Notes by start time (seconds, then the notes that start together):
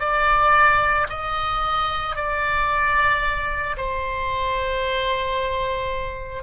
0.00 D5
1.09 D#5
2.16 D5
3.77 C5